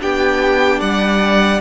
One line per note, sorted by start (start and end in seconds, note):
0.00 0.81 B3
0.00 1.61 D4
0.00 0.80 G4
0.00 0.80 G5
0.80 1.61 G3
0.80 1.61 D5
0.80 1.61 F#5